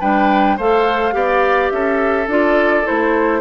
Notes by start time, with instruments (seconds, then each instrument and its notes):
0.00 bassoon G3, clarinet D4, oboe B4, flute G5
0.57 bassoon A3, clarinet A4, oboe C5, flute F5
1.12 bassoon B3, clarinet G4, oboe D5
1.70 bassoon C#4, oboe A4, flute E5
2.27 bassoon D4, clarinet F4, flute D5
2.84 bassoon A3, clarinet E4, flute C5